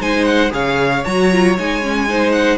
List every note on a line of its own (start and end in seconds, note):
0.00 0.52 G#3
0.00 0.50 D#4
0.00 0.52 C5
0.00 0.25 G#5
0.25 0.51 F#5
0.50 1.04 C#3
0.50 1.02 G#4
0.50 2.09 C#5
0.50 1.05 F5
1.05 1.58 F#3
1.05 1.32 F#4
1.05 1.56 A#5
1.32 1.58 F4
1.58 2.58 G#3
1.58 1.82 D#4
1.58 2.32 G#5
1.82 2.08 C#4
2.09 2.58 D#4
2.09 2.58 C5
2.32 2.58 F#5